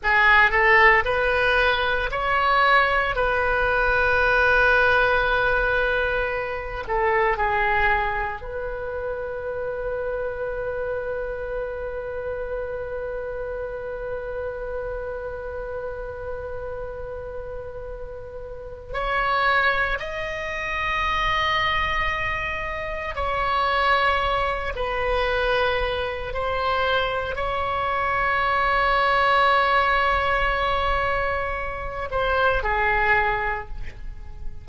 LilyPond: \new Staff \with { instrumentName = "oboe" } { \time 4/4 \tempo 4 = 57 gis'8 a'8 b'4 cis''4 b'4~ | b'2~ b'8 a'8 gis'4 | b'1~ | b'1~ |
b'2 cis''4 dis''4~ | dis''2 cis''4. b'8~ | b'4 c''4 cis''2~ | cis''2~ cis''8 c''8 gis'4 | }